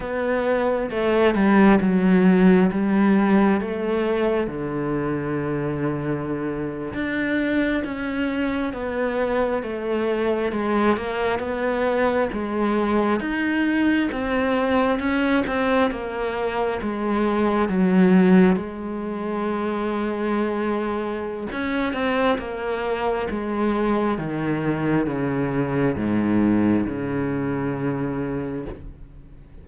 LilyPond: \new Staff \with { instrumentName = "cello" } { \time 4/4 \tempo 4 = 67 b4 a8 g8 fis4 g4 | a4 d2~ d8. d'16~ | d'8. cis'4 b4 a4 gis16~ | gis16 ais8 b4 gis4 dis'4 c'16~ |
c'8. cis'8 c'8 ais4 gis4 fis16~ | fis8. gis2.~ gis16 | cis'8 c'8 ais4 gis4 dis4 | cis4 gis,4 cis2 | }